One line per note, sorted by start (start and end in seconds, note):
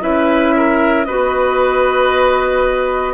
0.00 1.07 C#4
0.00 1.05 E4
0.00 0.55 B4
0.00 1.05 E5
0.56 1.07 A#4
1.05 3.14 B3
1.05 3.14 F#4
1.05 3.14 B4
1.05 3.14 D#5